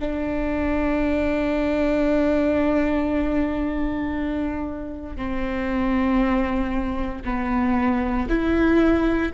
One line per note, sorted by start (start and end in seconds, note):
0.00 5.16 D4
5.16 7.23 C4
7.25 8.28 B3
8.29 9.32 E4